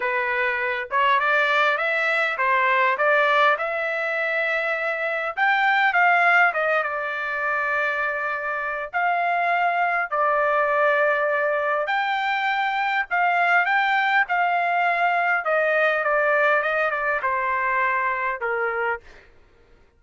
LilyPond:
\new Staff \with { instrumentName = "trumpet" } { \time 4/4 \tempo 4 = 101 b'4. cis''8 d''4 e''4 | c''4 d''4 e''2~ | e''4 g''4 f''4 dis''8 d''8~ | d''2. f''4~ |
f''4 d''2. | g''2 f''4 g''4 | f''2 dis''4 d''4 | dis''8 d''8 c''2 ais'4 | }